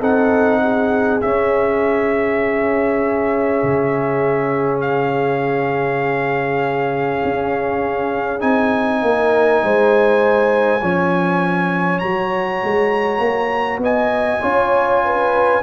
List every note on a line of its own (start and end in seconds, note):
0.00 1.21 C4
0.00 1.21 D#4
0.00 0.60 A4
0.00 1.21 F#5
0.62 9.03 G#4
1.21 8.40 C#4
1.21 3.63 C#4
1.21 4.81 E5
3.63 7.23 C#3
4.81 8.41 F5
7.24 8.42 C#4
8.40 9.02 C4
8.40 10.80 D#4
8.40 11.98 G#5
9.02 9.62 A#3
9.02 9.64 A#4
9.63 10.82 G#3
9.63 10.81 C5
10.81 12.02 F3
10.81 12.03 C#4
10.81 13.81 C#5
11.98 12.62 F#3
11.98 14.42 F#4
11.98 13.79 A#5
12.63 13.19 G#3
13.19 13.78 A#3
13.78 14.38 B3
13.78 14.42 D#5
13.78 15.63 G#5
14.42 15.63 C#4
14.42 15.62 F4
14.42 15.02 C#5
15.04 15.63 B4